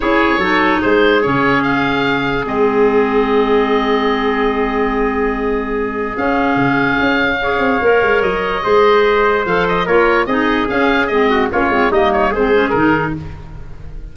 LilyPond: <<
  \new Staff \with { instrumentName = "oboe" } { \time 4/4 \tempo 4 = 146 cis''2 c''4 cis''4 | f''2 dis''2~ | dis''1~ | dis''2. f''4~ |
f''1 | dis''2. f''8 dis''8 | cis''4 dis''4 f''4 dis''4 | cis''4 dis''8 cis''8 c''4 ais'4 | }
  \new Staff \with { instrumentName = "trumpet" } { \time 4/4 gis'4 a'4 gis'2~ | gis'1~ | gis'1~ | gis'1~ |
gis'2 cis''2~ | cis''4 c''2. | ais'4 gis'2~ gis'8 fis'8 | f'4 dis'4 gis'2 | }
  \new Staff \with { instrumentName = "clarinet" } { \time 4/4 e'4 dis'2 cis'4~ | cis'2 c'2~ | c'1~ | c'2. cis'4~ |
cis'2 gis'4 ais'4~ | ais'4 gis'2 a'4 | f'4 dis'4 cis'4 c'4 | cis'8 c'8 ais4 c'8 cis'8 dis'4 | }
  \new Staff \with { instrumentName = "tuba" } { \time 4/4 cis'4 fis4 gis4 cis4~ | cis2 gis2~ | gis1~ | gis2. cis'4 |
cis4 cis'4. c'8 ais8 gis8 | fis4 gis2 f4 | ais4 c'4 cis'4 gis4 | ais8 gis8 g4 gis4 dis4 | }
>>